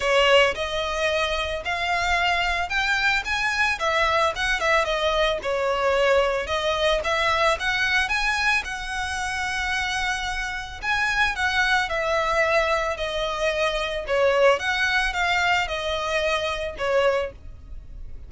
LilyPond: \new Staff \with { instrumentName = "violin" } { \time 4/4 \tempo 4 = 111 cis''4 dis''2 f''4~ | f''4 g''4 gis''4 e''4 | fis''8 e''8 dis''4 cis''2 | dis''4 e''4 fis''4 gis''4 |
fis''1 | gis''4 fis''4 e''2 | dis''2 cis''4 fis''4 | f''4 dis''2 cis''4 | }